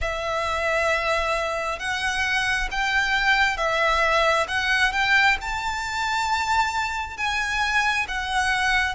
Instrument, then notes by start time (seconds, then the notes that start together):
violin
0.01 E5
1.79 F#5
2.71 G5
3.57 E5
4.48 F#5
4.92 G5
5.41 A5
7.16 G#5
8.08 F#5